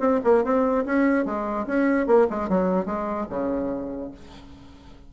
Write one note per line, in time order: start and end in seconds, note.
0.00 0.20 C4
0.24 0.45 A#3
0.45 0.85 C4
0.86 1.26 C#4
1.26 1.66 G#3
1.67 2.07 C#4
2.07 2.28 A#3
2.31 2.49 G#3
2.49 2.86 F#3
2.86 3.27 G#3
3.30 4.12 C#3